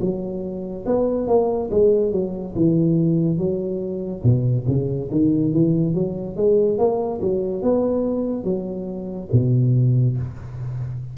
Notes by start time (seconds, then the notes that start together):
0.00 F#3
0.85 B3
1.27 A#3
1.70 G#3
2.11 F#3
2.55 E3
3.37 F#3
4.23 B2
4.67 C#3
5.10 D#3
5.52 E3
5.94 F#3
6.36 G#3
6.78 A#3
7.21 F#3
7.62 B3
8.44 F#3
9.32 B2